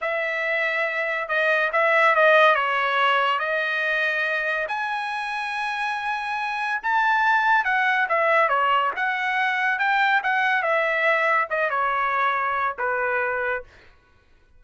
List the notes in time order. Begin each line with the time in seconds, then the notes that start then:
0.01 E5
1.28 D#5
1.72 E5
2.15 D#5
2.55 C#5
3.39 D#5
4.68 G#5
6.82 A5
7.64 F#5
8.08 E5
8.48 C#5
8.96 F#5
9.79 G5
10.23 F#5
10.62 E5
11.50 D#5
11.70 C#5
12.78 B4